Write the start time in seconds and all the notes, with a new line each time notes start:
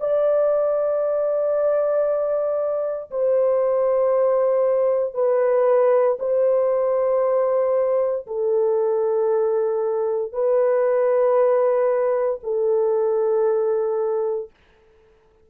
0.00 D5
3.11 C5
5.14 B4
6.19 C5
8.26 A4
10.32 B4
12.43 A4